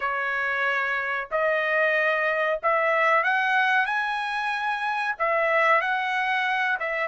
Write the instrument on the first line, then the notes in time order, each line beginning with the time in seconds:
trumpet
0.00 C#5
1.31 D#5
2.62 E5
3.23 F#5
3.86 G#5
5.18 E5
5.81 F#5
6.79 E5